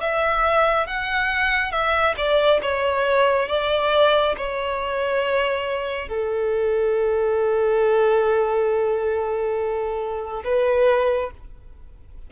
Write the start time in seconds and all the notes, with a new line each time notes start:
0.00 E5
0.87 F#5
1.71 E5
2.17 D5
2.62 C#5
3.48 D5
4.37 C#5
6.08 A4
10.44 B4